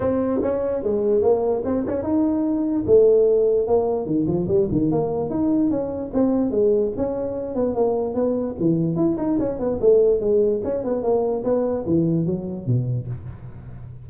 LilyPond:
\new Staff \with { instrumentName = "tuba" } { \time 4/4 \tempo 4 = 147 c'4 cis'4 gis4 ais4 | c'8 cis'8 dis'2 a4~ | a4 ais4 dis8 f8 g8 dis8 | ais4 dis'4 cis'4 c'4 |
gis4 cis'4. b8 ais4 | b4 e4 e'8 dis'8 cis'8 b8 | a4 gis4 cis'8 b8 ais4 | b4 e4 fis4 b,4 | }